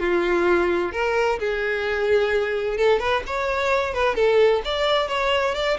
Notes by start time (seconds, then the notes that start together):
0.00 F4
0.93 A#4
1.40 G#4
2.78 A4
3.00 B4
3.27 C#5
3.94 B4
4.16 A4
4.65 D5
5.09 C#5
5.55 D5